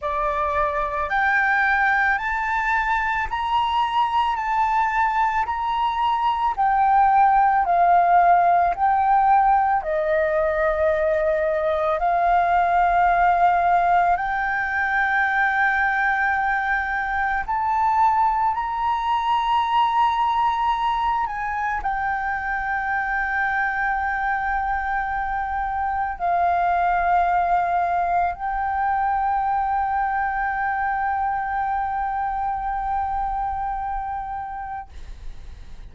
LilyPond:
\new Staff \with { instrumentName = "flute" } { \time 4/4 \tempo 4 = 55 d''4 g''4 a''4 ais''4 | a''4 ais''4 g''4 f''4 | g''4 dis''2 f''4~ | f''4 g''2. |
a''4 ais''2~ ais''8 gis''8 | g''1 | f''2 g''2~ | g''1 | }